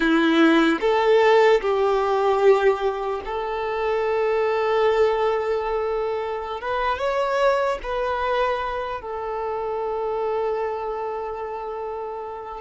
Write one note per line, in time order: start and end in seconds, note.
0.00 0.79 E4
0.80 1.60 A4
1.61 3.21 G4
3.25 6.60 A4
6.60 6.98 B4
6.98 7.78 C#5
7.83 9.01 B4
9.01 12.61 A4